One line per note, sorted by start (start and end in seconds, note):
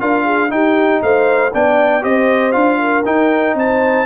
0.00 0.51 D4
0.00 0.49 F4
0.00 0.24 A#4
0.00 0.51 F5
0.24 0.50 G#4
0.49 1.51 D#4
0.49 1.02 D#4
0.49 1.02 G4
0.49 1.02 G5
1.02 1.53 A3
1.02 1.53 C5
1.02 1.53 F5
1.53 2.04 B3
1.53 2.01 D4
1.53 2.03 D5
1.53 2.04 G5
2.01 2.55 C4
2.01 2.52 G4
2.01 2.79 C5
2.01 2.52 D#5
2.52 3.06 D4
2.52 3.03 F4
2.52 3.03 F5
2.79 3.55 A#4
3.05 4.06 D#4
3.05 3.54 D#4
3.05 3.57 G5
3.54 4.05 C4
3.54 4.06 C5
3.54 4.06 A5